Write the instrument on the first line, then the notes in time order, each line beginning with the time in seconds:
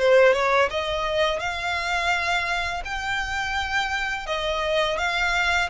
violin
0.00 C5
0.34 C#5
0.71 D#5
1.40 F5
2.85 G5
4.27 D#5
4.99 F5